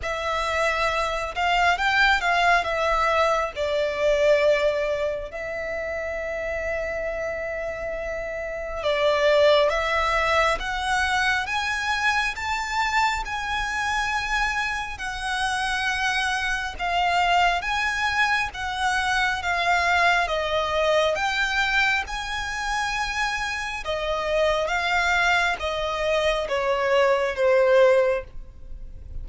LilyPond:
\new Staff \with { instrumentName = "violin" } { \time 4/4 \tempo 4 = 68 e''4. f''8 g''8 f''8 e''4 | d''2 e''2~ | e''2 d''4 e''4 | fis''4 gis''4 a''4 gis''4~ |
gis''4 fis''2 f''4 | gis''4 fis''4 f''4 dis''4 | g''4 gis''2 dis''4 | f''4 dis''4 cis''4 c''4 | }